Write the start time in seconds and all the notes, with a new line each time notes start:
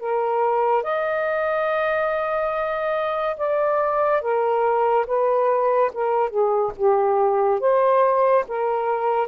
0.00 A#4
0.84 D#5
3.38 D5
4.22 A#4
5.07 B4
5.94 A#4
6.30 G#4
6.76 G4
7.61 C5
8.48 A#4